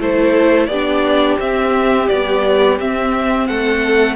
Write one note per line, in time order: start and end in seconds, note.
0.00 0.68 A3
0.00 0.70 E4
0.00 0.70 A4
0.00 0.67 C5
0.67 1.38 B3
0.67 1.40 D4
0.67 3.49 G4
0.67 1.37 D5
1.40 2.09 C4
1.40 2.10 C4
1.40 2.09 E5
2.09 2.80 G3
2.09 2.80 B3
2.09 2.78 D5
2.80 4.16 C4
2.80 3.50 C4
2.80 3.48 E5
3.48 4.16 A3
3.48 4.16 A4
3.48 4.16 F#5